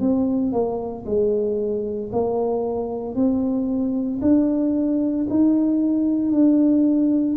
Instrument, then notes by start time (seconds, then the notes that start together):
tuba
0.00 C4
0.52 A#3
1.06 G#3
2.12 A#3
3.15 C4
4.22 D4
5.29 D#4
6.32 D4